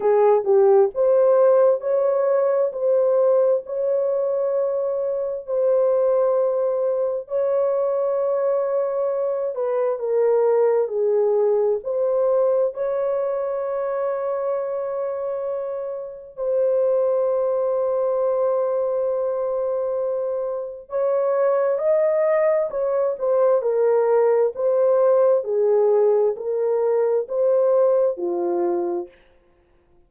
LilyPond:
\new Staff \with { instrumentName = "horn" } { \time 4/4 \tempo 4 = 66 gis'8 g'8 c''4 cis''4 c''4 | cis''2 c''2 | cis''2~ cis''8 b'8 ais'4 | gis'4 c''4 cis''2~ |
cis''2 c''2~ | c''2. cis''4 | dis''4 cis''8 c''8 ais'4 c''4 | gis'4 ais'4 c''4 f'4 | }